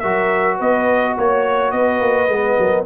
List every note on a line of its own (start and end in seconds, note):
0.00 0.61 F#3
0.00 2.30 F#4
0.00 0.57 A#4
0.00 0.57 E5
0.57 1.17 B3
0.57 1.14 B4
0.57 1.17 D#5
1.18 1.73 A#3
1.18 1.72 C#5
1.72 2.00 B3
1.72 2.57 B4
1.72 2.85 D#5
2.00 2.28 A#3
2.28 2.56 G#3
2.28 2.86 B3
2.59 2.86 F#3
2.59 2.86 A#4